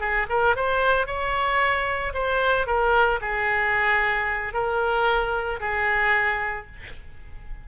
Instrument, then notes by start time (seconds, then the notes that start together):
oboe
0.00 G#4
0.29 A#4
0.56 C5
1.06 C#5
2.14 C5
2.66 A#4
3.21 G#4
4.53 A#4
5.60 G#4